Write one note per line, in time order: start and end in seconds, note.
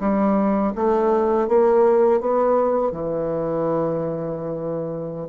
0.00 0.73 G3
0.75 1.48 A3
1.48 2.20 A#3
2.20 2.91 B3
2.91 5.29 E3